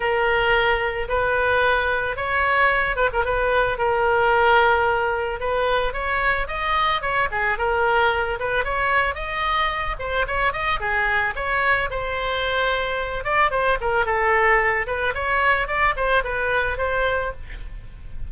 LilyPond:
\new Staff \with { instrumentName = "oboe" } { \time 4/4 \tempo 4 = 111 ais'2 b'2 | cis''4. b'16 ais'16 b'4 ais'4~ | ais'2 b'4 cis''4 | dis''4 cis''8 gis'8 ais'4. b'8 |
cis''4 dis''4. c''8 cis''8 dis''8 | gis'4 cis''4 c''2~ | c''8 d''8 c''8 ais'8 a'4. b'8 | cis''4 d''8 c''8 b'4 c''4 | }